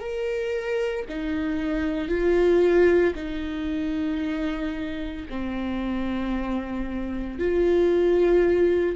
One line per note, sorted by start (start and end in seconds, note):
0.00 1.05 A#4
1.09 2.08 D#4
2.08 3.13 F4
3.15 5.25 D#4
5.29 7.39 C4
7.39 8.96 F4